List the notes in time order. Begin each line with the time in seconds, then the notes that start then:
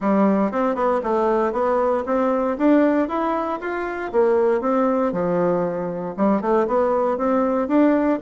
0.00 G3
0.51 C4
0.75 B3
1.03 A3
1.52 B3
2.06 C4
2.58 D4
3.08 E4
3.60 F4
4.11 A#3
4.61 C4
5.12 F3
6.16 G3
6.41 A3
6.67 B3
7.17 C4
7.67 D4